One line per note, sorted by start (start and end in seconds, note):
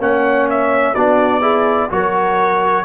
0.00 0.95 A#3
0.00 0.96 C#4
0.00 0.95 C#5
0.00 0.49 F#5
0.50 0.95 E5
0.95 1.91 B3
0.95 1.42 D4
0.95 1.41 F#4
0.95 1.90 D5
1.41 1.89 E4
1.41 1.89 G#4
1.90 2.86 F#3
1.90 2.85 F#4
1.90 2.86 A#4
1.90 2.86 C#5